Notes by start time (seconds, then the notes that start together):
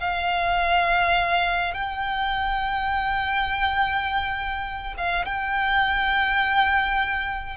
0.00 F5
1.74 G5
4.98 F5
5.26 G5